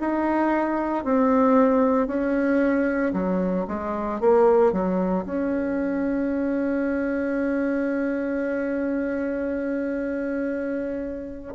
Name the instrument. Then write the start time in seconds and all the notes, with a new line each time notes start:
bassoon
0.00 D#4
1.04 C4
2.07 C#4
3.13 F#3
3.67 G#3
4.20 A#3
4.72 F#3
5.25 C#4